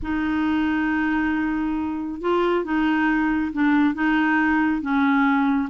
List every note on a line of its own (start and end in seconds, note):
0.02 2.21 D#4
2.21 2.64 F4
2.64 3.52 D#4
3.52 3.94 D4
3.94 4.81 D#4
4.81 5.69 C#4